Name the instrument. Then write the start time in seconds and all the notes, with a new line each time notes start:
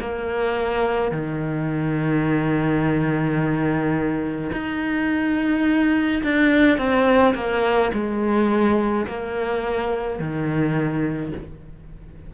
cello
0.00 A#3
1.12 D#3
4.53 D#4
6.24 D4
6.78 C4
7.35 A#3
7.94 G#3
9.08 A#3
10.20 D#3